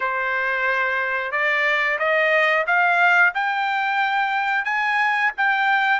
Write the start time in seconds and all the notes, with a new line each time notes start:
0.00 C5
1.32 D5
1.98 D#5
2.66 F5
3.34 G5
4.65 G#5
5.37 G5